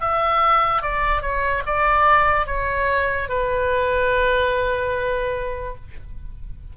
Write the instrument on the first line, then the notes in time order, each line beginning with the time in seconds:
oboe
0.00 E5
0.81 D5
1.21 C#5
1.66 D5
2.46 C#5
3.28 B4